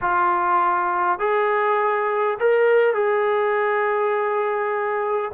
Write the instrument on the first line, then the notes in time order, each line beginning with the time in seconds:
trombone
0.01 F4
1.19 G#4
2.39 A#4
2.94 G#4